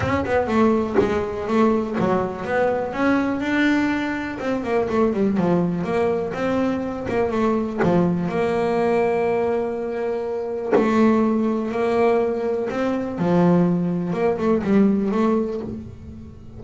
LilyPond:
\new Staff \with { instrumentName = "double bass" } { \time 4/4 \tempo 4 = 123 cis'8 b8 a4 gis4 a4 | fis4 b4 cis'4 d'4~ | d'4 c'8 ais8 a8 g8 f4 | ais4 c'4. ais8 a4 |
f4 ais2.~ | ais2 a2 | ais2 c'4 f4~ | f4 ais8 a8 g4 a4 | }